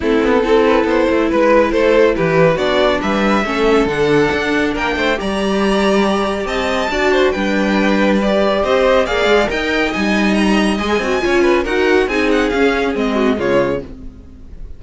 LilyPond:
<<
  \new Staff \with { instrumentName = "violin" } { \time 4/4 \tempo 4 = 139 a'2. b'4 | c''4 b'4 d''4 e''4~ | e''4 fis''2 g''4 | ais''2. a''4~ |
a''4 g''2 d''4 | dis''4 f''4 g''4 gis''4 | ais''4 gis''2 fis''4 | gis''8 fis''8 f''4 dis''4 cis''4 | }
  \new Staff \with { instrumentName = "violin" } { \time 4/4 e'4 a'8 b'8 c''4 b'4 | a'4 g'4 fis'4 b'4 | a'2. ais'8 c''8 | d''2. dis''4 |
d''8 c''8 b'2. | c''4 d''4 dis''2~ | dis''2 cis''8 b'8 ais'4 | gis'2~ gis'8 fis'8 f'4 | }
  \new Staff \with { instrumentName = "viola" } { \time 4/4 c'4 e'2.~ | e'2 d'2 | cis'4 d'2. | g'1 |
fis'4 d'2 g'4~ | g'4 gis'4 ais'4 dis'4~ | dis'4 gis'8 fis'8 f'4 fis'4 | dis'4 cis'4 c'4 gis4 | }
  \new Staff \with { instrumentName = "cello" } { \time 4/4 a8 b8 c'4 b8 a8 gis4 | a4 e4 b4 g4 | a4 d4 d'4 ais8 a8 | g2. c'4 |
d'4 g2. | c'4 ais8 gis8 dis'4 g4~ | g4 gis8 c'8 cis'4 dis'4 | c'4 cis'4 gis4 cis4 | }
>>